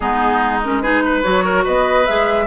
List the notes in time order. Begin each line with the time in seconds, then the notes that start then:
0.00 G#3 B3 D#4 G#4
0.63 C#4 A#4
0.81 D#4 G#4 B4
1.05 B4
1.23 F#3 F#4 C#5
1.44 A#4
1.64 B3 B4 D#5
2.06 G#3 G#4 E5